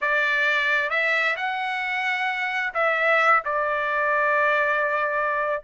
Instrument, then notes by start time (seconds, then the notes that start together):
trumpet
0.01 D5
0.90 E5
1.36 F#5
2.74 E5
3.44 D5